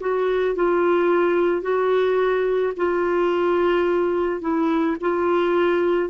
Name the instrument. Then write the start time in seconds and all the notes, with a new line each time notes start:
clarinet
0.00 F#4
0.55 F4
1.62 F#4
2.76 F4
4.41 E4
5.01 F4